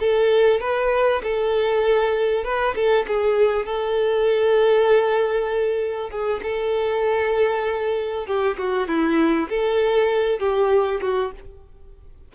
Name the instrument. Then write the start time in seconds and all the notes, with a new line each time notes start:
violin
0.00 A4
0.61 B4
1.24 A4
2.45 B4
2.76 A4
3.08 G#4
3.66 A4
6.11 G#4
6.43 A4
8.27 G4
8.58 F#4
8.88 E4
9.50 A4
10.40 G4
11.01 F#4